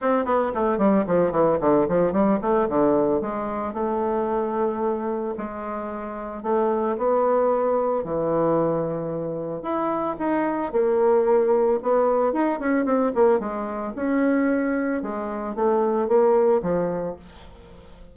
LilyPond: \new Staff \with { instrumentName = "bassoon" } { \time 4/4 \tempo 4 = 112 c'8 b8 a8 g8 f8 e8 d8 f8 | g8 a8 d4 gis4 a4~ | a2 gis2 | a4 b2 e4~ |
e2 e'4 dis'4 | ais2 b4 dis'8 cis'8 | c'8 ais8 gis4 cis'2 | gis4 a4 ais4 f4 | }